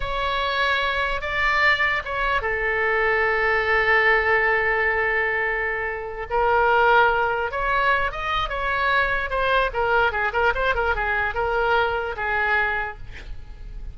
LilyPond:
\new Staff \with { instrumentName = "oboe" } { \time 4/4 \tempo 4 = 148 cis''2. d''4~ | d''4 cis''4 a'2~ | a'1~ | a'2.~ a'8 ais'8~ |
ais'2~ ais'8 cis''4. | dis''4 cis''2 c''4 | ais'4 gis'8 ais'8 c''8 ais'8 gis'4 | ais'2 gis'2 | }